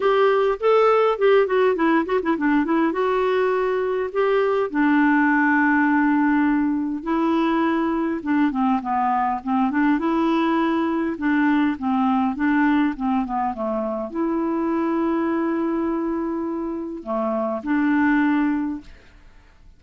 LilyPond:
\new Staff \with { instrumentName = "clarinet" } { \time 4/4 \tempo 4 = 102 g'4 a'4 g'8 fis'8 e'8 fis'16 e'16 | d'8 e'8 fis'2 g'4 | d'1 | e'2 d'8 c'8 b4 |
c'8 d'8 e'2 d'4 | c'4 d'4 c'8 b8 a4 | e'1~ | e'4 a4 d'2 | }